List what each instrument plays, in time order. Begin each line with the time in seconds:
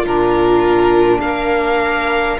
0.00 cello A#2, saxophone D4, viola F4, violin A#4
1.19 cello A#3, viola A#4, violin F5